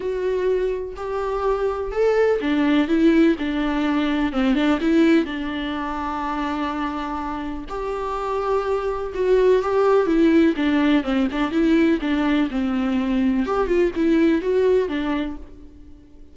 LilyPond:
\new Staff \with { instrumentName = "viola" } { \time 4/4 \tempo 4 = 125 fis'2 g'2 | a'4 d'4 e'4 d'4~ | d'4 c'8 d'8 e'4 d'4~ | d'1 |
g'2. fis'4 | g'4 e'4 d'4 c'8 d'8 | e'4 d'4 c'2 | g'8 f'8 e'4 fis'4 d'4 | }